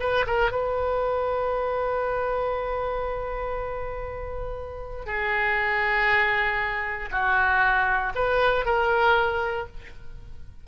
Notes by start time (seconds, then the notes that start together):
0.00 B4
0.27 A#4
0.52 B4
5.06 G#4
7.11 F#4
8.15 B4
8.65 A#4